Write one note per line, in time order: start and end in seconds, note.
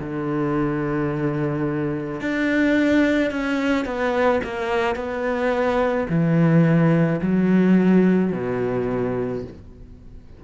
0.00 2.21 D3
2.21 3.31 D4
3.31 3.86 C#4
3.86 4.41 B3
4.44 4.96 A#3
4.96 6.07 B3
6.10 7.21 E3
7.22 8.33 F#3
8.33 9.44 B2